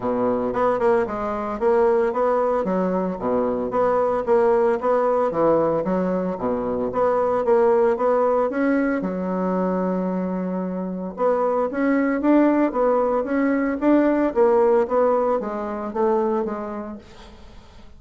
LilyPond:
\new Staff \with { instrumentName = "bassoon" } { \time 4/4 \tempo 4 = 113 b,4 b8 ais8 gis4 ais4 | b4 fis4 b,4 b4 | ais4 b4 e4 fis4 | b,4 b4 ais4 b4 |
cis'4 fis2.~ | fis4 b4 cis'4 d'4 | b4 cis'4 d'4 ais4 | b4 gis4 a4 gis4 | }